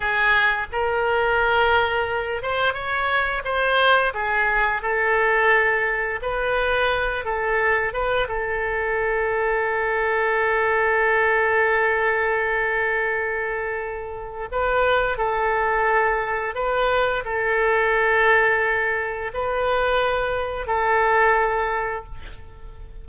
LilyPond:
\new Staff \with { instrumentName = "oboe" } { \time 4/4 \tempo 4 = 87 gis'4 ais'2~ ais'8 c''8 | cis''4 c''4 gis'4 a'4~ | a'4 b'4. a'4 b'8 | a'1~ |
a'1~ | a'4 b'4 a'2 | b'4 a'2. | b'2 a'2 | }